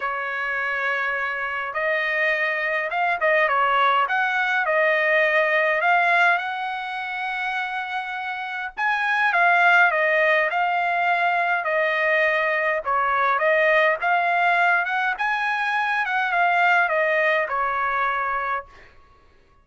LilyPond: \new Staff \with { instrumentName = "trumpet" } { \time 4/4 \tempo 4 = 103 cis''2. dis''4~ | dis''4 f''8 dis''8 cis''4 fis''4 | dis''2 f''4 fis''4~ | fis''2. gis''4 |
f''4 dis''4 f''2 | dis''2 cis''4 dis''4 | f''4. fis''8 gis''4. fis''8 | f''4 dis''4 cis''2 | }